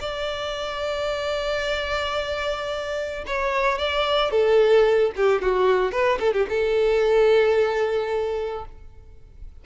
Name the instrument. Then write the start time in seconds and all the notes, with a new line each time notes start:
violin
0.00 D5
3.26 C#5
3.78 D5
4.31 A4
5.16 G4
5.42 F#4
5.91 B4
6.19 A4
6.33 G4
6.49 A4